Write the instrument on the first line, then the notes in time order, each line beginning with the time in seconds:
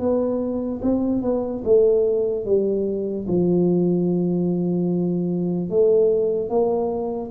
tuba
0.00 B3
0.82 C4
1.22 B3
1.65 A3
2.45 G3
3.28 F3
5.70 A3
6.49 A#3